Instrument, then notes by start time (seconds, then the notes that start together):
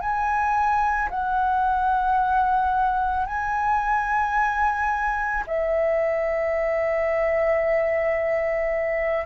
flute
0.00 G#5
1.10 F#5
3.26 G#5
5.46 E5